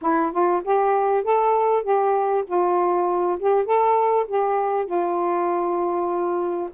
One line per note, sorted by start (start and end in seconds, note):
0.01 0.31 E4
0.31 0.62 F4
0.64 1.23 G4
1.23 1.83 A4
1.83 2.44 G4
2.46 3.38 F4
3.39 3.65 G4
3.65 4.26 A4
4.27 4.85 G4
4.85 6.69 F4